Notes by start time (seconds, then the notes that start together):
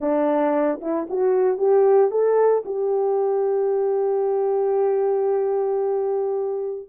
0.00 D4
0.81 E4
1.09 F#4
1.57 G4
2.10 A4
2.65 G4